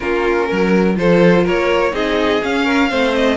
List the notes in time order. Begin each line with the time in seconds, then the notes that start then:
0.00 A#3 C#4 F4 A#4
0.48 F#3 A#4
0.95 F3 F4 A4 C5
1.44 A#3 A#4 C#5
1.91 C4 D#4 G#4 D#5
2.42 C#4 F5
2.64 A#4
2.89 A3 C4 C5
3.14 D#5